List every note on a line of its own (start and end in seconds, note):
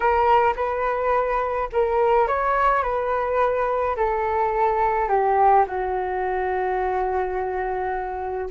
0.00 0.54 A#4
0.56 1.69 B4
1.72 2.27 A#4
2.27 2.82 C#5
2.82 3.95 B4
3.96 5.08 A4
5.08 5.64 G4
5.67 8.50 F#4